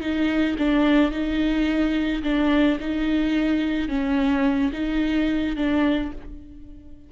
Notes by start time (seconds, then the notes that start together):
0.00 D#4
0.58 D4
1.11 D#4
2.23 D4
2.80 D#4
3.88 C#4
4.72 D#4
5.56 D4